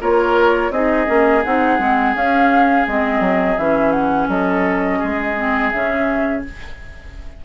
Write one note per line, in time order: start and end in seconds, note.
0.00 0.70 A#3
0.00 0.72 F4
0.00 0.71 A#4
0.00 0.72 C#5
0.70 1.06 C4
0.70 1.06 D#4
0.70 4.29 G#4
0.70 1.43 D#5
1.06 1.44 A#3
1.06 1.42 C#4
1.43 1.79 C4
1.43 1.79 D#4
1.43 2.15 F#5
1.79 2.14 G#3
1.79 2.14 C4
2.14 2.85 C#4
2.14 2.86 C#4
2.14 2.87 F5
2.87 3.20 G#3
2.87 3.58 C4
2.87 3.58 D#5
3.20 3.56 F#3
3.58 4.28 E3
3.58 5.36 C#4
3.58 3.92 E5
3.92 4.27 F#5
4.28 4.99 F#3
4.28 4.98 A4
4.28 5.70 D#5
4.98 5.72 G#3
4.98 6.41 G#4
5.36 5.72 C4
5.70 6.44 C#3
5.70 6.44 C#4
5.70 6.42 E5